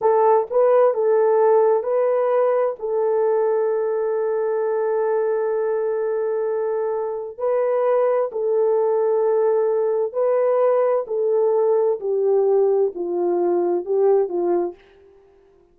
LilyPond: \new Staff \with { instrumentName = "horn" } { \time 4/4 \tempo 4 = 130 a'4 b'4 a'2 | b'2 a'2~ | a'1~ | a'1 |
b'2 a'2~ | a'2 b'2 | a'2 g'2 | f'2 g'4 f'4 | }